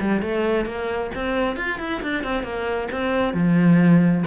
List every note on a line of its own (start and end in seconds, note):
0.00 0.21 G3
0.21 0.65 A3
0.65 1.10 A#3
1.14 1.56 C4
1.56 1.79 F4
1.79 2.01 E4
2.02 2.23 D4
2.23 2.43 C4
2.43 2.88 A#3
2.91 3.33 C4
3.33 4.24 F3